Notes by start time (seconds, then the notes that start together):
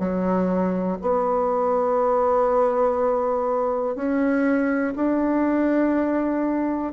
0.00 F#3
1.02 B3
3.96 C#4
4.96 D4